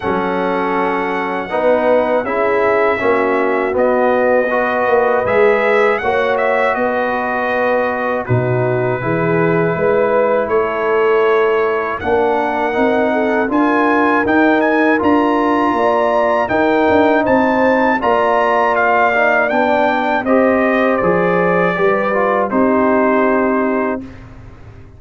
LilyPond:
<<
  \new Staff \with { instrumentName = "trumpet" } { \time 4/4 \tempo 4 = 80 fis''2. e''4~ | e''4 dis''2 e''4 | fis''8 e''8 dis''2 b'4~ | b'2 cis''2 |
fis''2 gis''4 g''8 gis''8 | ais''2 g''4 a''4 | ais''4 f''4 g''4 dis''4 | d''2 c''2 | }
  \new Staff \with { instrumentName = "horn" } { \time 4/4 a'2 b'4 gis'4 | fis'2 b'2 | cis''4 b'2 fis'4 | gis'4 b'4 a'2 |
ais'4. a'8 ais'2~ | ais'4 d''4 ais'4 c''4 | d''2. c''4~ | c''4 b'4 g'2 | }
  \new Staff \with { instrumentName = "trombone" } { \time 4/4 cis'2 dis'4 e'4 | cis'4 b4 fis'4 gis'4 | fis'2. dis'4 | e'1 |
d'4 dis'4 f'4 dis'4 | f'2 dis'2 | f'4. dis'8 d'4 g'4 | gis'4 g'8 f'8 dis'2 | }
  \new Staff \with { instrumentName = "tuba" } { \time 4/4 fis2 b4 cis'4 | ais4 b4. ais8 gis4 | ais4 b2 b,4 | e4 gis4 a2 |
ais4 c'4 d'4 dis'4 | d'4 ais4 dis'8 d'8 c'4 | ais2 b4 c'4 | f4 g4 c'2 | }
>>